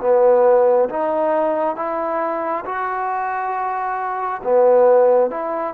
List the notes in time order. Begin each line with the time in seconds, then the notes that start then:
0.00 B3
0.89 D#4
1.76 E4
2.65 F#4
4.43 B3
5.30 E4